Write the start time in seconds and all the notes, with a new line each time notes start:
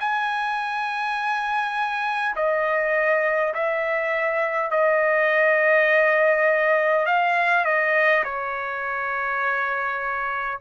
0.00 G#5
2.36 D#5
3.53 E5
4.71 D#5
7.06 F5
7.65 D#5
8.24 C#5